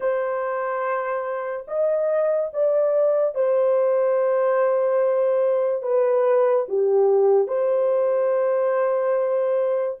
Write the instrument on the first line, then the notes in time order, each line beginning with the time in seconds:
horn
0.00 C5
1.67 D#5
2.53 D5
3.34 C5
5.82 B4
6.68 G4
7.47 C5